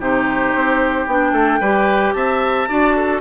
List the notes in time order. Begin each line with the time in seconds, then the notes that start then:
0.00 C3 D#4 G4 C5
0.55 C4
1.07 B3 D4 G5
1.33 A3 A4
1.61 G3 G4 B4
2.14 C4 E5 A5
2.69 D4 F#4 D5
2.97 A4